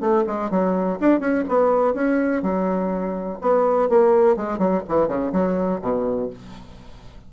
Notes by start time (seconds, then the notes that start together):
0.00 A3
0.27 G#3
0.50 F#3
1.00 D4
1.20 C#4
1.48 B3
1.94 C#4
2.42 F#3
3.41 B3
3.89 A#3
4.36 G#3
4.58 F#3
4.88 E3
5.08 C#3
5.32 F#3
5.82 B2